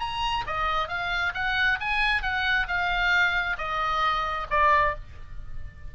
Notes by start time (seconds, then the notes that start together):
0.00 A#5
0.47 D#5
0.88 F5
1.35 F#5
1.80 G#5
2.22 F#5
2.68 F5
3.58 D#5
4.50 D5